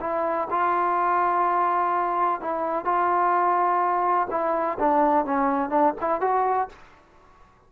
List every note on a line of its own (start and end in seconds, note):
0.00 0.48 E4
0.50 2.41 F4
2.41 2.85 E4
2.85 4.27 F4
4.30 4.77 E4
4.79 5.25 D4
5.25 5.69 C#4
5.69 5.93 D4
6.00 6.21 E4
6.21 6.68 F#4